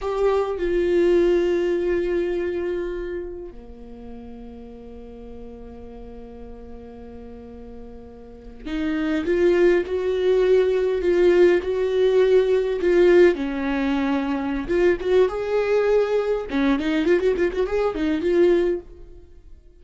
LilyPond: \new Staff \with { instrumentName = "viola" } { \time 4/4 \tempo 4 = 102 g'4 f'2.~ | f'2 ais2~ | ais1~ | ais2~ ais8. dis'4 f'16~ |
f'8. fis'2 f'4 fis'16~ | fis'4.~ fis'16 f'4 cis'4~ cis'16~ | cis'4 f'8 fis'8 gis'2 | cis'8 dis'8 f'16 fis'16 f'16 fis'16 gis'8 dis'8 f'4 | }